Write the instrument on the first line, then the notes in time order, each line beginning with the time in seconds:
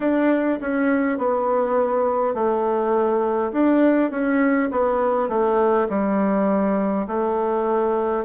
bassoon
0.00 D4
0.60 C#4
1.18 B3
2.34 A3
3.52 D4
4.11 C#4
4.71 B3
5.28 A3
5.89 G3
7.06 A3